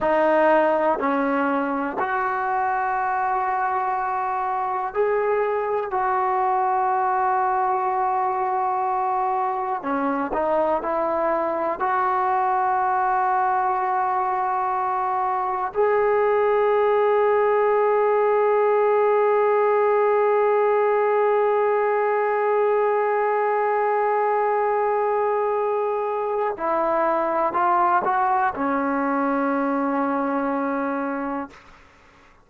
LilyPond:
\new Staff \with { instrumentName = "trombone" } { \time 4/4 \tempo 4 = 61 dis'4 cis'4 fis'2~ | fis'4 gis'4 fis'2~ | fis'2 cis'8 dis'8 e'4 | fis'1 |
gis'1~ | gis'1~ | gis'2. e'4 | f'8 fis'8 cis'2. | }